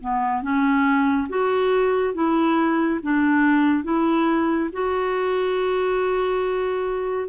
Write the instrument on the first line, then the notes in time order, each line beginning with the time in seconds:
clarinet
0.00 B3
0.42 C#4
1.29 F#4
2.14 E4
3.02 D4
3.83 E4
4.72 F#4